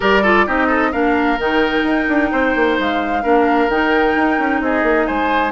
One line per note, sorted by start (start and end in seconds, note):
0.00 0.47 G3
0.00 0.22 G4
0.00 0.22 A#4
0.00 0.47 D5
0.22 0.46 F4
0.22 0.45 A4
0.46 0.93 C4
0.46 0.92 D#4
0.46 0.67 G4
0.46 0.92 D#5
0.67 0.90 A4
0.92 1.38 A#3
0.92 1.38 D4
0.92 2.30 A#4
0.92 1.38 F5
1.38 1.83 D#3
1.38 3.23 D#4
1.38 2.78 G5
1.83 2.06 D#4
2.08 2.31 D4
2.31 2.55 C4
2.31 3.22 C5
2.55 2.78 A#3
2.79 3.24 G#3
2.79 3.70 F5
3.22 3.68 A#3
3.22 3.69 D4
3.22 4.61 A#4
3.68 4.14 D#3
3.68 5.52 D#4
3.68 4.62 G5
4.15 4.38 D#4
4.39 4.60 C#4
4.60 4.82 C4
4.60 5.06 G#4
4.60 5.06 D#5
4.82 5.05 A#3
5.06 5.52 G#3
5.06 5.52 C5
5.06 5.52 G#5